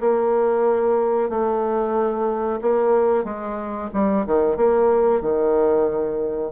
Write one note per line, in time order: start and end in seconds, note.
0.00 1.29 A#3
1.29 2.59 A3
2.61 3.24 A#3
3.24 3.89 G#3
3.93 4.26 G3
4.26 4.56 D#3
4.56 5.21 A#3
5.21 6.52 D#3